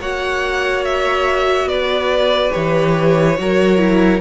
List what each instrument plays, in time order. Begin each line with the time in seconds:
0.00 cello A#3, viola F#4, violin C#5 F#5
0.85 violin E5
1.65 cello B3, violin B4 D5
2.51 cello E3, viola G4, violin C#5
3.38 cello F#3, viola F#4, violin A#4
3.78 viola E4